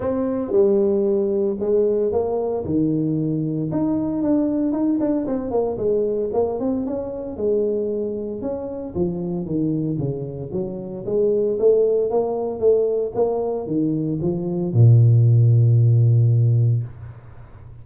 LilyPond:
\new Staff \with { instrumentName = "tuba" } { \time 4/4 \tempo 4 = 114 c'4 g2 gis4 | ais4 dis2 dis'4 | d'4 dis'8 d'8 c'8 ais8 gis4 | ais8 c'8 cis'4 gis2 |
cis'4 f4 dis4 cis4 | fis4 gis4 a4 ais4 | a4 ais4 dis4 f4 | ais,1 | }